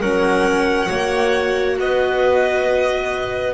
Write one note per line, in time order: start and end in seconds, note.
0.00 0.90 F#3
0.00 0.87 C#4
0.00 0.88 A#4
0.00 1.78 F#5
0.87 1.78 A#3
0.87 3.51 F#4
0.87 1.76 C#5
1.78 3.53 B3
1.78 3.53 B4
1.78 3.53 D#5